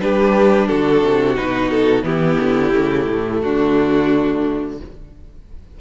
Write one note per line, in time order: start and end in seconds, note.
0.00 0.69 G3
0.00 1.36 D4
0.00 0.68 G4
0.00 0.67 B4
0.67 1.03 D3
0.67 2.05 F#4
0.67 1.35 A4
1.03 1.37 C3
1.36 2.03 B2
1.36 2.03 D#4
1.36 1.70 B4
1.70 2.04 A4
2.03 2.37 E3
2.03 2.72 B3
2.03 3.42 E4
2.03 3.40 G4
2.40 2.73 D3
2.73 3.07 C#3
2.73 4.78 A3
3.08 3.42 A2
3.40 4.80 D3
3.40 4.79 D4
3.40 4.77 F#4